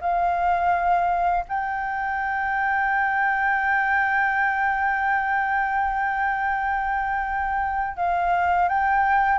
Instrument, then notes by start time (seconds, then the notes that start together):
flute
0.00 F5
1.48 G5
7.96 F5
8.68 G5